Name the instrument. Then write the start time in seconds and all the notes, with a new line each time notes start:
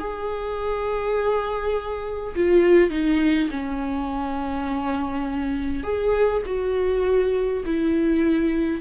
viola
0.00 G#4
2.36 F4
2.91 D#4
3.51 C#4
5.84 G#4
6.46 F#4
7.66 E4